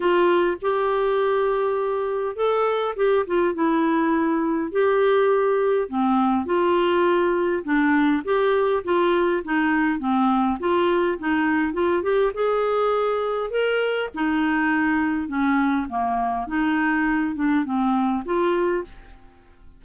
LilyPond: \new Staff \with { instrumentName = "clarinet" } { \time 4/4 \tempo 4 = 102 f'4 g'2. | a'4 g'8 f'8 e'2 | g'2 c'4 f'4~ | f'4 d'4 g'4 f'4 |
dis'4 c'4 f'4 dis'4 | f'8 g'8 gis'2 ais'4 | dis'2 cis'4 ais4 | dis'4. d'8 c'4 f'4 | }